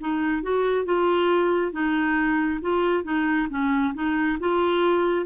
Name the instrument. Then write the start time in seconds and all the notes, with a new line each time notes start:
clarinet
0.00 D#4
0.43 F#4
0.85 F4
1.72 D#4
2.61 F4
3.04 D#4
3.50 C#4
3.94 D#4
4.40 F4